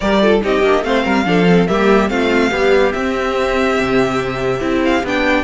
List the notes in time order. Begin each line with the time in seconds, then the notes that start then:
0.00 G3 G4 A#4 D5
0.21 F4 A4
0.41 C4 D#4 G4 D#5
0.62 A#3 D4
0.83 A3 C4 C5 F5
1.03 G3 A#4
1.24 F3 D4 A4
1.48 C4
1.67 G3 A#3 G4 E5
2.09 A3 C4 F4 F5
2.49 G3 B3 G4
2.92 C4 E5
3.80 C3
4.60 C4 E4
4.84 F5
5.03 B3 D4 G5